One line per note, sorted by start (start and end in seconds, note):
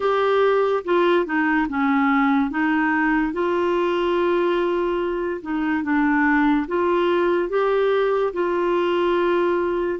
0.00 0.83 G4
0.84 1.25 F4
1.25 1.67 D#4
1.68 2.50 C#4
2.50 3.33 D#4
3.33 5.41 F4
5.42 5.83 D#4
5.83 6.66 D4
6.67 7.49 F4
7.49 8.32 G4
8.33 9.99 F4